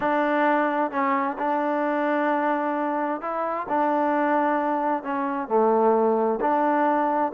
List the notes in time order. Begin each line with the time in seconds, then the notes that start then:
0.00 D4
0.91 C#4
1.38 D4
3.21 E4
3.68 D4
5.03 C#4
5.48 A3
6.41 D4